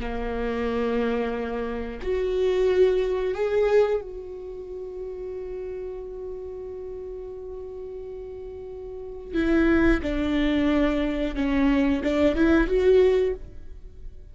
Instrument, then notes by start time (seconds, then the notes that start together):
viola
0.00 A#3
2.02 F#4
3.34 G#4
4.01 F#4
9.34 E4
10.02 D4
11.35 C#4
12.03 D4
12.36 E4
12.68 F#4